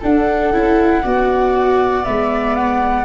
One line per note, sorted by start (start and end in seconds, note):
0.00 0.53 D4
0.00 0.52 D4
0.00 1.02 A4
0.00 2.05 F#5
0.52 1.03 C#4
0.52 1.04 E4
1.03 2.07 B3
1.03 2.03 F#4
1.03 3.05 D5
2.03 3.05 G#3
2.03 3.05 B3
2.03 2.56 E5
2.56 3.05 F#5